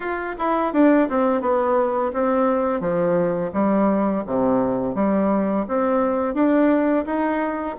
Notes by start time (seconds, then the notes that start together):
0.00 F4
0.38 E4
0.73 D4
1.09 C4
1.41 B3
2.13 C4
2.80 F3
3.53 G3
4.26 C3
4.94 G3
5.68 C4
6.34 D4
7.05 D#4